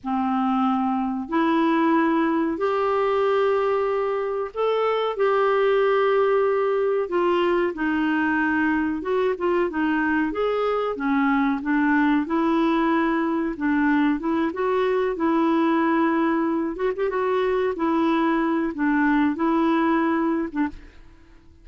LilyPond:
\new Staff \with { instrumentName = "clarinet" } { \time 4/4 \tempo 4 = 93 c'2 e'2 | g'2. a'4 | g'2. f'4 | dis'2 fis'8 f'8 dis'4 |
gis'4 cis'4 d'4 e'4~ | e'4 d'4 e'8 fis'4 e'8~ | e'2 fis'16 g'16 fis'4 e'8~ | e'4 d'4 e'4.~ e'16 d'16 | }